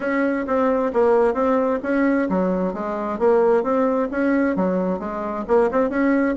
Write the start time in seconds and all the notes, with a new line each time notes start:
0.00 C#4
0.46 C4
0.93 A#3
1.33 C4
1.82 C#4
2.29 F#3
2.73 G#3
3.19 A#3
3.63 C4
4.11 C#4
4.56 F#3
4.99 G#3
5.47 A#3
5.71 C4
5.89 C#4